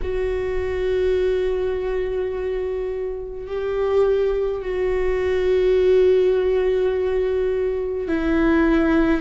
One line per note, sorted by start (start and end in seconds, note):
0.02 3.47 F#4
3.47 4.62 G4
4.62 8.08 F#4
8.08 9.20 E4